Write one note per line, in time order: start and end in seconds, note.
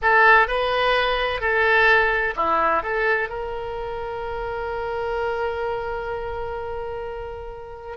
0.01 0.47 A4
0.47 1.40 B4
1.40 2.34 A4
2.35 2.82 E4
2.83 3.29 A4
3.29 7.97 A#4